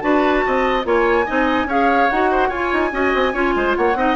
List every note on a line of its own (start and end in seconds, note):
0.00 0.43 D4
0.00 0.83 F#4
0.00 0.44 B4
0.00 0.83 A5
0.45 0.85 C4
0.45 0.86 D#5
0.83 1.26 A#3
0.83 1.25 F4
0.83 1.25 C#5
0.83 1.70 G#5
1.25 1.65 C4
1.25 1.68 D#4
1.25 1.67 D#5
1.65 2.06 C#4
1.65 2.10 G#4
1.65 2.30 C#5
1.65 2.09 F5
2.09 2.49 D#4
2.09 2.52 F#4
2.09 2.50 F#5
2.31 2.48 C5
2.48 2.70 F4
2.48 2.91 F4
2.48 2.89 C#5
2.48 3.75 G#5
2.73 2.92 D#4
2.91 3.13 C#4
2.91 3.33 F#4
2.91 3.33 D#5
3.14 3.33 C4
3.33 3.54 C#4
3.33 3.95 F4
3.33 3.53 C#5
3.55 3.76 G#3
3.55 3.76 C5
3.75 3.95 A#3
3.75 3.97 C#5
3.75 4.16 F#5
3.95 4.15 C4
3.95 4.16 D#4
3.95 4.16 D#5